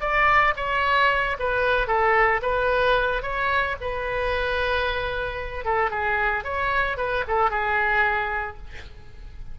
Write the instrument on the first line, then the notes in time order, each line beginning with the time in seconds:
oboe
0.00 D5
0.56 C#5
1.39 B4
1.87 A4
2.42 B4
3.22 C#5
3.80 B4
5.64 A4
5.90 G#4
6.44 C#5
6.97 B4
7.27 A4
7.50 G#4